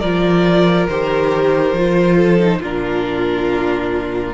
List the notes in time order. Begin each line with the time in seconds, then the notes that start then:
0.00 F3 F4 A#4 D5
0.89 D#3 G4 C5
1.72 F3 F4
2.16 A4
2.39 D#4
2.60 A#2 D4 F4 A#4